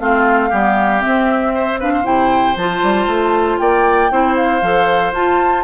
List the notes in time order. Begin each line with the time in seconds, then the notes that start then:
0.00 A3 C4 F4 F5
0.50 G3 B3 G4
0.99 C4 E5
1.06 C4
1.55 C5
1.80 D4 B4 F5
1.94 C5
2.04 C3 E4 G5
2.56 F3 F4 A5
2.83 G3
3.07 A3
3.59 A#3 D5 G5
4.11 C4 E4 C5
4.36 F5
4.62 F3 A4
5.12 F4 A5